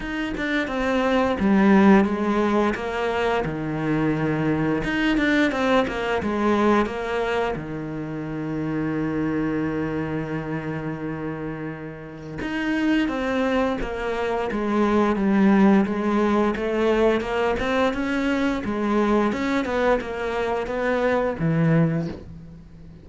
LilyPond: \new Staff \with { instrumentName = "cello" } { \time 4/4 \tempo 4 = 87 dis'8 d'8 c'4 g4 gis4 | ais4 dis2 dis'8 d'8 | c'8 ais8 gis4 ais4 dis4~ | dis1~ |
dis2 dis'4 c'4 | ais4 gis4 g4 gis4 | a4 ais8 c'8 cis'4 gis4 | cis'8 b8 ais4 b4 e4 | }